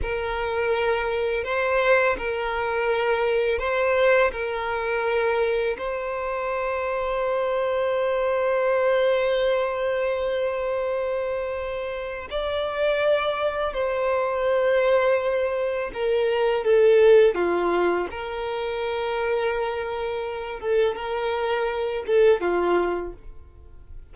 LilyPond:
\new Staff \with { instrumentName = "violin" } { \time 4/4 \tempo 4 = 83 ais'2 c''4 ais'4~ | ais'4 c''4 ais'2 | c''1~ | c''1~ |
c''4 d''2 c''4~ | c''2 ais'4 a'4 | f'4 ais'2.~ | ais'8 a'8 ais'4. a'8 f'4 | }